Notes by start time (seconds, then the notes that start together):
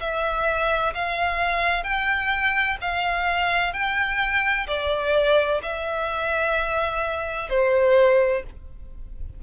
0.00 E5
0.95 F5
1.84 G5
2.81 F5
3.73 G5
4.67 D5
5.62 E5
7.50 C5